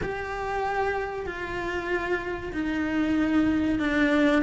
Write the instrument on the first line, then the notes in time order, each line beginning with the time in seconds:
cello
0.02 G4
1.26 F4
2.52 D#4
3.79 D4